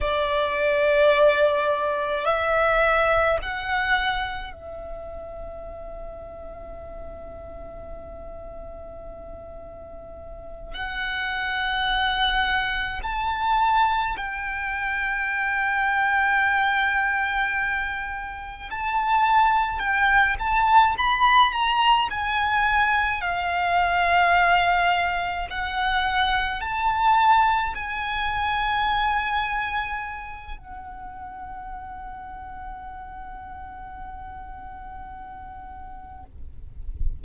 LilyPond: \new Staff \with { instrumentName = "violin" } { \time 4/4 \tempo 4 = 53 d''2 e''4 fis''4 | e''1~ | e''4. fis''2 a''8~ | a''8 g''2.~ g''8~ |
g''8 a''4 g''8 a''8 b''8 ais''8 gis''8~ | gis''8 f''2 fis''4 a''8~ | a''8 gis''2~ gis''8 fis''4~ | fis''1 | }